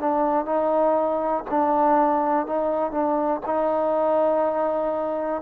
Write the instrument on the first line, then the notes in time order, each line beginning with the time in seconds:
trombone
0.00 D4
0.46 D#4
1.51 D4
2.46 D#4
2.92 D4
3.46 D#4